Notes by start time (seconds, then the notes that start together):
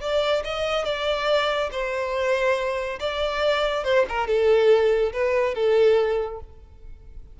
0.00 D5
0.44 D#5
0.84 D5
1.71 C5
2.99 D5
3.84 C5
4.08 A#4
4.27 A4
5.12 B4
5.54 A4